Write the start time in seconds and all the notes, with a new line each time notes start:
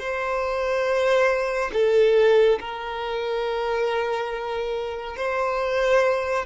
0.00 C5
1.74 A4
2.60 A#4
5.17 C5